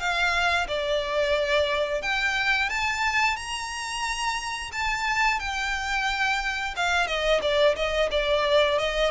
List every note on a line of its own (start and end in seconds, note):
0.00 0.67 F5
0.68 2.02 D5
2.02 2.70 G5
2.70 3.36 A5
3.36 4.71 A#5
4.73 5.40 A5
5.40 6.75 G5
6.77 7.07 F5
7.07 7.41 D#5
7.42 7.76 D5
7.76 8.10 D#5
8.11 8.79 D5
8.79 9.11 D#5